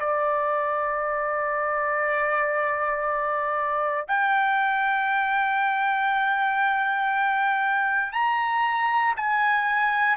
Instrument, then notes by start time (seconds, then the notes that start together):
trumpet
0.00 D5
4.08 G5
8.13 A#5
9.17 G#5